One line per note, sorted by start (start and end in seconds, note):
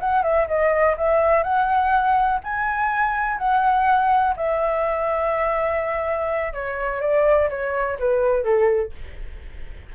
0.00 0.23 F#5
0.23 0.47 E5
0.48 0.96 D#5
0.97 1.43 E5
1.43 2.40 F#5
2.43 3.38 G#5
3.38 4.35 F#5
4.36 6.53 E5
6.53 7.01 C#5
7.01 7.49 D5
7.50 7.98 C#5
7.99 8.44 B4
8.44 8.92 A4